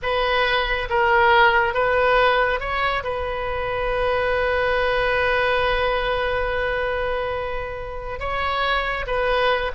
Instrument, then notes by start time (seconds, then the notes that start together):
oboe
0.02 B4
0.89 A#4
1.73 B4
2.59 C#5
3.03 B4
8.19 C#5
9.06 B4